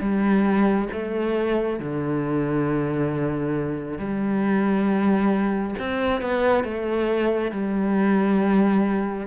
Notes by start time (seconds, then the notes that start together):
0.00 G3
0.92 A3
1.79 D3
3.98 G3
5.79 C4
6.21 B3
6.64 A3
7.51 G3